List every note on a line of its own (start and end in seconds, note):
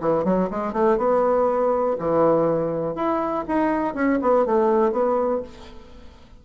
0.00 0.24 E3
0.24 0.49 F#3
0.50 0.72 G#3
0.72 0.97 A3
0.97 1.96 B3
1.99 2.95 E3
2.95 3.44 E4
3.47 3.94 D#4
3.94 4.19 C#4
4.21 4.45 B3
4.45 4.92 A3
4.92 5.41 B3